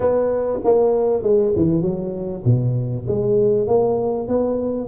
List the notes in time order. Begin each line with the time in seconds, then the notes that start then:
0.00 B3
0.63 A#3
1.22 G#3
1.56 E3
1.81 F#3
2.45 B2
3.07 G#3
3.67 A#3
4.27 B3